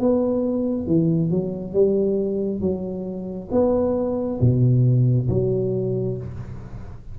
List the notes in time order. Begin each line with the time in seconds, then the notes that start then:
0.00 B3
0.87 E3
1.31 F#3
1.74 G3
2.61 F#3
3.52 B3
4.41 B2
5.29 F#3